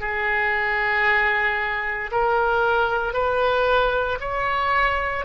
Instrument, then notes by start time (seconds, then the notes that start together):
oboe
0.00 G#4
2.11 A#4
3.13 B4
4.20 C#5